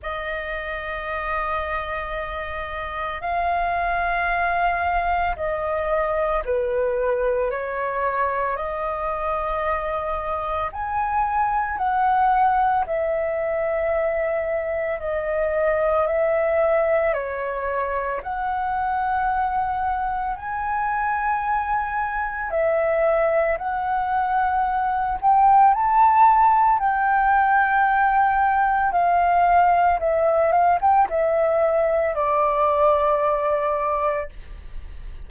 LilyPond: \new Staff \with { instrumentName = "flute" } { \time 4/4 \tempo 4 = 56 dis''2. f''4~ | f''4 dis''4 b'4 cis''4 | dis''2 gis''4 fis''4 | e''2 dis''4 e''4 |
cis''4 fis''2 gis''4~ | gis''4 e''4 fis''4. g''8 | a''4 g''2 f''4 | e''8 f''16 g''16 e''4 d''2 | }